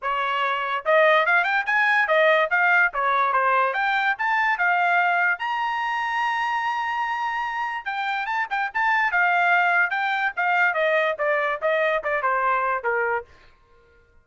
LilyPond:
\new Staff \with { instrumentName = "trumpet" } { \time 4/4 \tempo 4 = 145 cis''2 dis''4 f''8 g''8 | gis''4 dis''4 f''4 cis''4 | c''4 g''4 a''4 f''4~ | f''4 ais''2.~ |
ais''2. g''4 | a''8 g''8 a''4 f''2 | g''4 f''4 dis''4 d''4 | dis''4 d''8 c''4. ais'4 | }